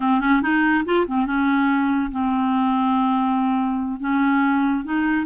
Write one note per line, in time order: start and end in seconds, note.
0.00 0.20 C4
0.20 0.41 C#4
0.42 0.84 D#4
0.85 1.06 F4
1.07 1.26 C4
1.26 2.10 C#4
2.11 3.99 C4
3.99 4.84 C#4
4.84 5.26 D#4